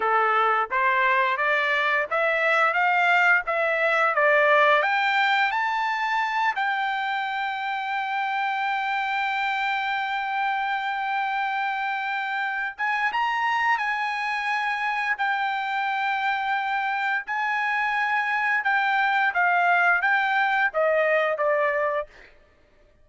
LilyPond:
\new Staff \with { instrumentName = "trumpet" } { \time 4/4 \tempo 4 = 87 a'4 c''4 d''4 e''4 | f''4 e''4 d''4 g''4 | a''4. g''2~ g''8~ | g''1~ |
g''2~ g''8 gis''8 ais''4 | gis''2 g''2~ | g''4 gis''2 g''4 | f''4 g''4 dis''4 d''4 | }